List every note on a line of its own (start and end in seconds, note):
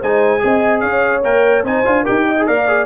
0.00 0.43 G#3
0.00 0.39 D#4
0.00 0.41 C5
0.00 0.80 G#5
0.39 0.83 C4
0.39 1.21 G#4
0.39 0.82 D#5
0.80 1.24 C#4
0.80 1.64 C#5
0.80 1.21 F5
1.24 1.64 A#3
1.24 1.65 A#4
1.24 1.65 G5
1.64 1.84 C4
1.64 1.85 D#4
1.64 2.03 C5
1.64 2.06 G#5
1.85 2.07 D4
1.85 2.05 F4
2.03 2.49 D#4
2.03 2.36 G4
2.03 2.24 A#4
2.03 2.47 G5
2.28 2.47 D#5
2.38 2.48 G#4
2.47 2.86 A#3
2.47 2.68 A#4
2.47 2.86 D5
2.47 2.86 F5
2.68 2.86 G#4